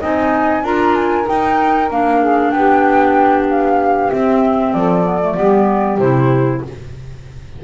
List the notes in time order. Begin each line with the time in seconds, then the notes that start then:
0.00 C4 D#4 D#5 G#5
0.63 D4 F4 A#4 A#5
0.95 G#5
1.25 D#4 G5
1.90 A#3 D4 F5
2.20 G#4
2.51 B3 G4 G5
3.50 F5
4.10 C4 E5
4.73 F3 A4 D5
5.03 B3
5.21 A3
5.35 G3 B3 G4
5.98 C3 E4 C5